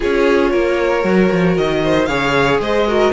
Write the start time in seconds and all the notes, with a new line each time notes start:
0.00 C#4 F4 G#4 C#5
0.51 A#3 A#4
1.02 F#3 F#4
1.31 F3
1.57 D#3 D#5
1.83 C5
2.05 C#3 G#4 C#5 F5
2.59 G#3 C5 D#5
2.87 F#4 A#4